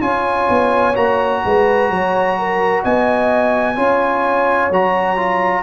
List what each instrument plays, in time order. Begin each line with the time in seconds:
0.00 tuba C#4, trombone F4, horn C#5, trumpet G#5
0.49 tuba B3
0.94 tuba A#3, trombone F#4, trumpet A#5
1.45 tuba G#3, horn B4
1.89 tuba F#3, horn C#5
2.38 horn A#4
2.83 tuba B3, horn D#5, trumpet G#5
3.75 tuba C#4, trombone F4, horn C#5
4.71 tuba F#3, trombone F#4, trumpet A#5
5.16 trombone F4